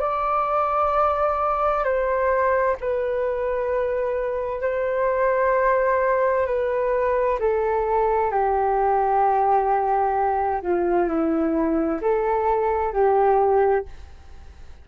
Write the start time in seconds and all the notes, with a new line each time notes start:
0.00 D5
1.84 C5
2.81 B4
4.62 C5
6.47 B4
7.40 A4
8.31 G4
10.62 F4
11.09 E4
12.02 A4
12.93 G4